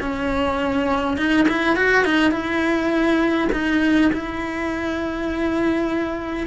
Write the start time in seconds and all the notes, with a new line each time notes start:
0.00 C#4
1.17 D#4
1.48 E4
1.76 F#4
2.05 D#4
2.31 E4
3.52 D#4
4.13 E4